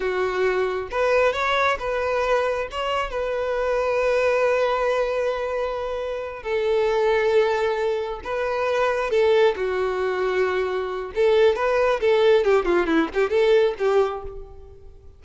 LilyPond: \new Staff \with { instrumentName = "violin" } { \time 4/4 \tempo 4 = 135 fis'2 b'4 cis''4 | b'2 cis''4 b'4~ | b'1~ | b'2~ b'8 a'4.~ |
a'2~ a'8 b'4.~ | b'8 a'4 fis'2~ fis'8~ | fis'4 a'4 b'4 a'4 | g'8 f'8 e'8 g'8 a'4 g'4 | }